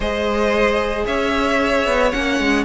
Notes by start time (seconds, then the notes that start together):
0.00 G#3 G#4 C5 D#5
1.05 C#4 C#5 E5
1.86 B3
2.11 A#3 C#4 F#5
2.39 G#3